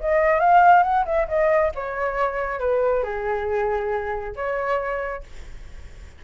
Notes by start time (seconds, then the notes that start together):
0.00 D#5
0.39 F5
0.83 F#5
1.05 E5
1.28 D#5
1.75 C#5
2.59 B4
3.03 G#4
4.36 C#5